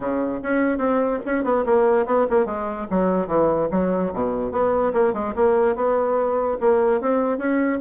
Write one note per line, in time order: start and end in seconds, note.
0.00 0.40 C#3
0.42 0.78 C#4
0.78 1.19 C4
1.25 1.43 C#4
1.43 1.64 B3
1.65 2.05 A#3
2.05 2.26 B3
2.30 2.45 A#3
2.45 2.86 G#3
2.90 3.27 F#3
3.27 3.68 E3
3.71 4.12 F#3
4.13 4.51 B2
4.51 4.92 B3
4.93 5.13 A#3
5.13 5.33 G#3
5.35 5.75 A#3
5.75 6.57 B3
6.60 7.00 A#3
7.00 7.38 C4
7.38 7.79 C#4